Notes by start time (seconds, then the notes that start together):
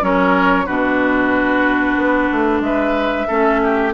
0.00 F#3 C#4 A#4 C#5
0.66 B2 D4 F#4 B4
1.96 B3
2.31 A3
2.60 G#3 B4 E5
3.27 A3 C#4 A4
3.63 G4